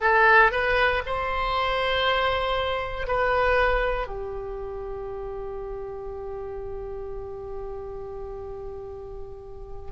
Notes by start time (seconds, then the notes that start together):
0.00 A4
0.51 B4
1.06 C5
3.07 B4
4.07 G4